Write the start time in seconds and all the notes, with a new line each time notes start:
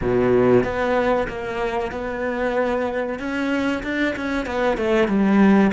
0.01 B2
0.63 B3
1.28 A#3
1.91 B3
3.19 C#4
3.83 D4
4.15 C#4
4.45 B3
4.77 A3
5.07 G3